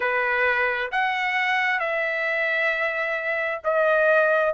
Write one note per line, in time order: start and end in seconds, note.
0.00 0.91 B4
0.91 1.79 F#5
1.79 3.61 E5
3.64 4.53 D#5